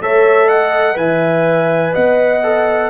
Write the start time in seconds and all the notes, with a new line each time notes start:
0.00 A3 A4 C#5 E5
0.46 D#5 F#5
0.94 E3 B4 E5 G#5
1.93 B3 D#5 F#5
2.43 A4